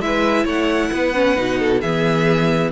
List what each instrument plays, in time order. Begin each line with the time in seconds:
0.00 cello G#3, viola E4, violin B4 E5
0.44 cello A3, violin C#5 F#5
0.92 cello B3, violin B4
1.14 viola C#4
1.36 cello B2, viola D#4
1.59 violin A4
1.81 cello E3, viola B3, violin G#4 E5